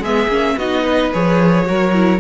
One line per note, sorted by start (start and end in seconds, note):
0.00 0.27 G#3
0.00 0.30 B3
0.00 0.56 G#4
0.00 0.59 E5
0.28 0.56 A#3
0.28 0.58 C#4
0.57 1.12 B3
0.57 1.13 D#4
0.57 0.83 F#4
0.57 1.13 D#5
0.83 1.65 B4
1.13 1.69 F3
1.13 1.65 G#4
1.13 2.20 C#5
1.65 2.20 F#3
1.65 1.93 F#4
1.65 2.20 A#4
1.93 2.20 E4